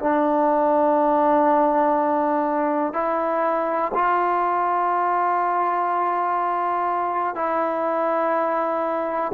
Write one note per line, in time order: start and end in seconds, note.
0.00 2.94 D4
2.94 3.92 E4
3.94 7.36 F4
7.36 9.33 E4